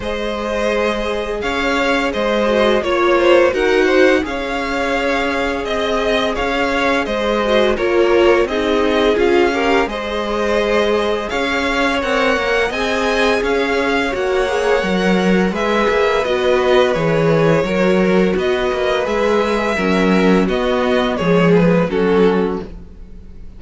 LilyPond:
<<
  \new Staff \with { instrumentName = "violin" } { \time 4/4 \tempo 4 = 85 dis''2 f''4 dis''4 | cis''4 fis''4 f''2 | dis''4 f''4 dis''4 cis''4 | dis''4 f''4 dis''2 |
f''4 fis''4 gis''4 f''4 | fis''2 e''4 dis''4 | cis''2 dis''4 e''4~ | e''4 dis''4 cis''8 b'8 a'4 | }
  \new Staff \with { instrumentName = "violin" } { \time 4/4 c''2 cis''4 c''4 | cis''8 c''8 ais'8 c''8 cis''2 | dis''4 cis''4 c''4 ais'4 | gis'4. ais'8 c''2 |
cis''2 dis''4 cis''4~ | cis''2 b'2~ | b'4 ais'4 b'2 | ais'4 fis'4 gis'4 fis'4 | }
  \new Staff \with { instrumentName = "viola" } { \time 4/4 gis'2.~ gis'8 fis'8 | f'4 fis'4 gis'2~ | gis'2~ gis'8 fis'8 f'4 | dis'4 f'8 g'8 gis'2~ |
gis'4 ais'4 gis'2 | fis'8 gis'8 ais'4 gis'4 fis'4 | gis'4 fis'2 gis'4 | cis'4 b4 gis4 cis'4 | }
  \new Staff \with { instrumentName = "cello" } { \time 4/4 gis2 cis'4 gis4 | ais4 dis'4 cis'2 | c'4 cis'4 gis4 ais4 | c'4 cis'4 gis2 |
cis'4 c'8 ais8 c'4 cis'4 | ais4 fis4 gis8 ais8 b4 | e4 fis4 b8 ais8 gis4 | fis4 b4 f4 fis4 | }
>>